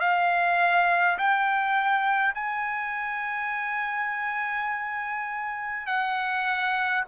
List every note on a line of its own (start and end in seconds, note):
0.00 1.18 F5
1.18 2.34 G5
2.34 5.87 G#5
5.87 7.04 F#5